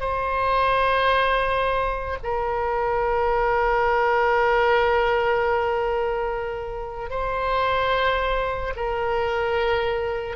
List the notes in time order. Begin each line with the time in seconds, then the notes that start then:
0.00 C5
2.23 A#4
7.10 C5
8.76 A#4